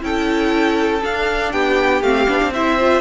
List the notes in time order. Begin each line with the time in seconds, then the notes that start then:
0.00 C#4 E4 A4 G5
1.02 D4 F5
1.52 B3 G4 G5
2.02 A3 C4 F5
2.27 B3 D4
2.42 C4
2.53 E4 C5 E5
2.80 F4